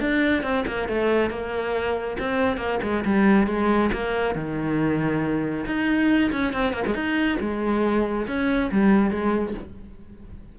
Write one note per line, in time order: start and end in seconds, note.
0.00 0.43 D4
0.43 0.64 C4
0.67 0.88 A#3
0.88 1.30 A3
1.30 2.17 A#3
2.19 2.57 C4
2.57 2.79 A#3
2.82 3.04 G#3
3.05 3.47 G3
3.47 3.91 G#3
3.92 4.35 A#3
4.35 5.65 D#3
5.66 6.31 D#4
6.32 6.53 C#4
6.53 6.73 C4
6.73 6.84 A#3
6.86 6.95 G#3
6.95 7.38 D#4
7.40 8.27 G#3
8.27 8.71 C#4
8.71 9.10 G3
9.10 9.54 G#3